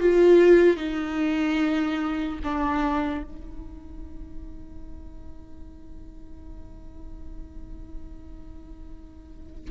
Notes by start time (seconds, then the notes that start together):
0.00 F4
0.76 D#4
2.44 D4
3.23 D#4